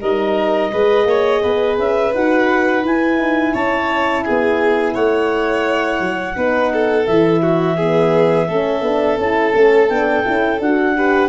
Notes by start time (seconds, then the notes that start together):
0.00 G3 D#4 A#4 D#5
0.72 G#3 G#4 B4
1.04 A#3 C#5
1.42 B3 B4
1.78 C#4 E5
2.14 D#4 F#4 F#5
2.83 E4 G#5
3.17 D#4
3.53 C#4 C#5 A5
4.23 B3 G#4 G#5
4.93 A3 C#5 F#5
6.00 F#3
6.35 B3 D#4 B4
6.73 A4
7.06 E3 E4 E5
7.42 F#4
7.76 B3 G#4
8.47 A3 C#4 A4
8.81 B3 D4
9.17 C#4 E4 A5
9.53 A3 C#4
9.89 B3 D4 G5
10.24 C#4 E4
10.59 D4 F#4 F#5
10.96 G4 B4